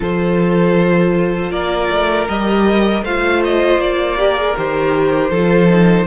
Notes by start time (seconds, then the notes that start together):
0.00 F3 F4 A4 C5
1.50 A#3 A#4 D5
1.90 A3
2.28 G3 G4 D#5
3.02 A3 F4 C5 F5
3.44 D#5
3.77 A#3 D5
4.17 G4 A#4
4.36 G#4
4.57 D#3 G4 C5
5.30 F3 F4 A4
5.69 D#4